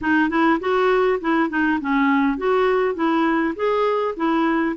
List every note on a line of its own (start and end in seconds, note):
0.01 0.29 D#4
0.29 0.59 E4
0.60 1.19 F#4
1.20 1.49 E4
1.49 1.79 D#4
1.80 2.37 C#4
2.37 2.94 F#4
2.94 3.54 E4
3.55 4.14 G#4
4.16 4.76 E4